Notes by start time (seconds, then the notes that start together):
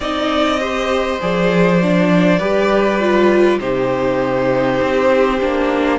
0.00 C4 D#4 D5 D#5
0.59 G4 C5
1.20 F3 G#4 D5
1.81 D4
2.38 G3 G4 B4
3.00 F4
3.59 C3 D#4 G4 C5
4.81 C4
5.40 A#3 D4